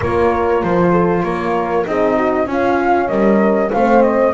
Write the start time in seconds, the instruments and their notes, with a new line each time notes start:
0.00 double bass A#3, horn F4 A#4, flute C#5
0.63 double bass F3, flute C5
0.91 horn A4
1.23 double bass A#3, horn A#4, flute C#5
1.86 double bass C4, horn D#4 G#4, flute D#5
2.16 horn F#4
2.46 horn C#4 F4, double bass C#4, flute F5
3.08 double bass G3, horn A#4, flute D#5
3.72 double bass A3, horn C4 C5, flute F5
4.02 flute D#5